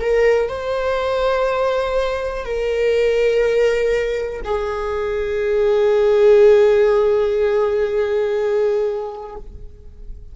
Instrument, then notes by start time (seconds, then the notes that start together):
viola
0.00 A#4
0.49 C5
2.45 A#4
4.44 G#4